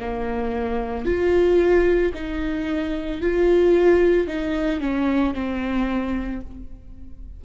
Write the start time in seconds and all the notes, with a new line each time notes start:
0.00 A#3
1.06 F4
2.15 D#4
3.21 F4
4.28 D#4
4.81 C#4
5.34 C4